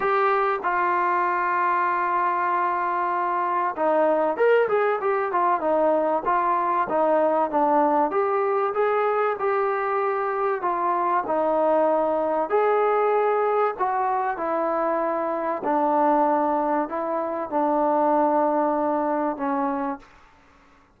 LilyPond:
\new Staff \with { instrumentName = "trombone" } { \time 4/4 \tempo 4 = 96 g'4 f'2.~ | f'2 dis'4 ais'8 gis'8 | g'8 f'8 dis'4 f'4 dis'4 | d'4 g'4 gis'4 g'4~ |
g'4 f'4 dis'2 | gis'2 fis'4 e'4~ | e'4 d'2 e'4 | d'2. cis'4 | }